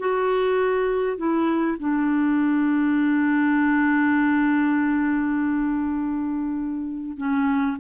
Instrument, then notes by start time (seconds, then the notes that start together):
clarinet
0.00 F#4
1.18 E4
1.79 D4
7.18 C#4